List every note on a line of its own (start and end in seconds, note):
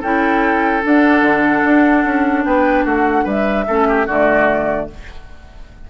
0.00 0.84 C#4
0.00 0.83 E4
0.00 2.43 A4
0.00 0.84 G5
0.83 3.66 D4
0.83 1.22 D4
0.83 2.44 F#5
1.22 1.62 D3
1.64 2.05 D4
2.05 2.45 C#4
2.44 2.85 B3
2.44 2.84 B4
2.44 2.85 G5
2.84 3.25 A3
2.84 3.24 F#4
2.84 3.29 F#5
3.24 3.66 G3
3.24 3.65 B4
3.24 4.08 E5
3.67 4.08 A3
3.67 4.08 C#4
3.67 3.87 A4
3.88 4.06 G4
4.06 4.89 D3
4.06 4.90 A3
4.06 4.87 F#4
4.06 4.89 D5